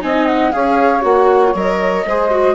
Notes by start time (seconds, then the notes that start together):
0.00 C4 D#4 D#5 G#5
0.26 F#5
0.51 C#4 G#4 C#5 F5
1.01 A#3 F#4 F#5
1.54 F#3 A#4 D#5
2.06 G#3 G#4 C5
2.30 F#4